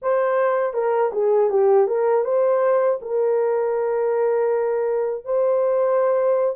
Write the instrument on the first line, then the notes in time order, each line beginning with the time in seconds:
horn
0.01 C5
0.73 A#4
1.12 G#4
1.50 G4
1.87 A#4
2.24 C5
3.01 A#4
5.24 C5